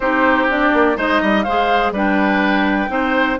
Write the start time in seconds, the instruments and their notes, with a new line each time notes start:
0.00 bassoon C4, clarinet D#4, oboe G4, flute C5
0.49 clarinet D4, flute D5
0.73 bassoon A#3
0.95 bassoon G#3, clarinet D#4, oboe C5, flute D#5
1.21 bassoon G3, oboe D#5
1.42 bassoon G#3, clarinet G#4, oboe C5, flute F5
1.91 bassoon G3, clarinet D4, oboe B4, flute G5
2.89 bassoon C4, clarinet D#4, oboe C5